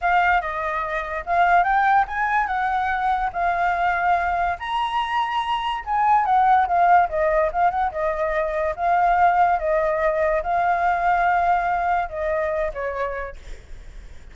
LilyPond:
\new Staff \with { instrumentName = "flute" } { \time 4/4 \tempo 4 = 144 f''4 dis''2 f''4 | g''4 gis''4 fis''2 | f''2. ais''4~ | ais''2 gis''4 fis''4 |
f''4 dis''4 f''8 fis''8 dis''4~ | dis''4 f''2 dis''4~ | dis''4 f''2.~ | f''4 dis''4. cis''4. | }